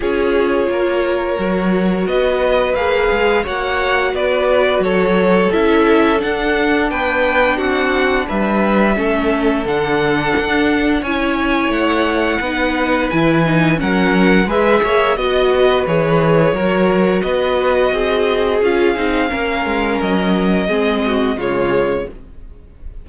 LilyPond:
<<
  \new Staff \with { instrumentName = "violin" } { \time 4/4 \tempo 4 = 87 cis''2. dis''4 | f''4 fis''4 d''4 cis''4 | e''4 fis''4 g''4 fis''4 | e''2 fis''2 |
gis''4 fis''2 gis''4 | fis''4 e''4 dis''4 cis''4~ | cis''4 dis''2 f''4~ | f''4 dis''2 cis''4 | }
  \new Staff \with { instrumentName = "violin" } { \time 4/4 gis'4 ais'2 b'4~ | b'4 cis''4 b'4 a'4~ | a'2 b'4 fis'4 | b'4 a'2. |
cis''2 b'2 | ais'4 b'8 cis''8 dis''8 b'4. | ais'4 b'4 gis'2 | ais'2 gis'8 fis'8 f'4 | }
  \new Staff \with { instrumentName = "viola" } { \time 4/4 f'2 fis'2 | gis'4 fis'2. | e'4 d'2.~ | d'4 cis'4 d'2 |
e'2 dis'4 e'8 dis'8 | cis'4 gis'4 fis'4 gis'4 | fis'2. f'8 dis'8 | cis'2 c'4 gis4 | }
  \new Staff \with { instrumentName = "cello" } { \time 4/4 cis'4 ais4 fis4 b4 | ais8 gis8 ais4 b4 fis4 | cis'4 d'4 b4 c'4 | g4 a4 d4 d'4 |
cis'4 a4 b4 e4 | fis4 gis8 ais8 b4 e4 | fis4 b4 c'4 cis'8 c'8 | ais8 gis8 fis4 gis4 cis4 | }
>>